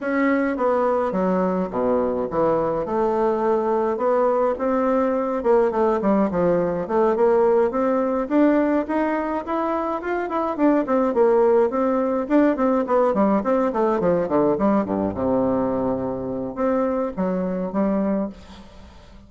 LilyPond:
\new Staff \with { instrumentName = "bassoon" } { \time 4/4 \tempo 4 = 105 cis'4 b4 fis4 b,4 | e4 a2 b4 | c'4. ais8 a8 g8 f4 | a8 ais4 c'4 d'4 dis'8~ |
dis'8 e'4 f'8 e'8 d'8 c'8 ais8~ | ais8 c'4 d'8 c'8 b8 g8 c'8 | a8 f8 d8 g8 g,8 c4.~ | c4 c'4 fis4 g4 | }